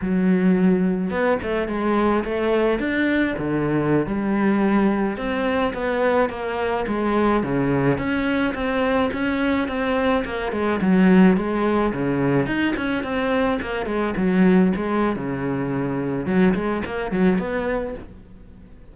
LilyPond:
\new Staff \with { instrumentName = "cello" } { \time 4/4 \tempo 4 = 107 fis2 b8 a8 gis4 | a4 d'4 d4~ d16 g8.~ | g4~ g16 c'4 b4 ais8.~ | ais16 gis4 cis4 cis'4 c'8.~ |
c'16 cis'4 c'4 ais8 gis8 fis8.~ | fis16 gis4 cis4 dis'8 cis'8 c'8.~ | c'16 ais8 gis8 fis4 gis8. cis4~ | cis4 fis8 gis8 ais8 fis8 b4 | }